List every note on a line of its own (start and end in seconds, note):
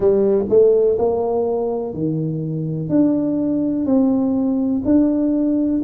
0.00 0.45 G3
0.49 0.97 A3
0.98 1.94 A#3
1.94 2.89 D#3
2.89 3.85 D4
3.85 4.82 C4
4.84 5.81 D4